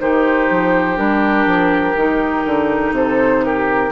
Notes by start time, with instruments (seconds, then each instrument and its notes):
0.00 bassoon D#3, clarinet D#4, oboe G4, flute C5
0.51 bassoon F3
0.97 bassoon G3, clarinet D4, flute A#4
1.46 bassoon F3
1.96 bassoon D#3, clarinet D#4
2.45 bassoon D3
2.92 bassoon C3, oboe A4, flute C5
3.45 oboe G4, flute A#4